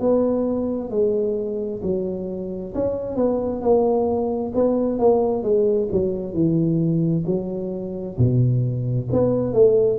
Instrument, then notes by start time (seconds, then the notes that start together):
tuba
0.00 B3
0.90 G#3
1.83 F#3
2.75 C#4
3.16 B3
3.62 A#3
4.55 B3
4.99 A#3
5.43 G#3
5.92 F#3
6.34 E3
7.26 F#3
8.18 B2
9.12 B3
9.54 A3